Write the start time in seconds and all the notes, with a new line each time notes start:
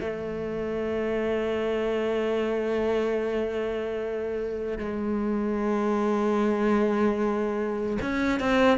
0.00 A3
4.78 G#3
8.01 C#4
8.40 C4